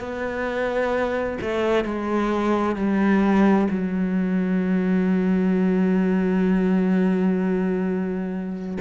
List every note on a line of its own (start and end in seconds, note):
0.00 1.38 B3
1.41 1.85 A3
1.85 2.76 G#3
2.76 3.68 G3
3.70 8.78 F#3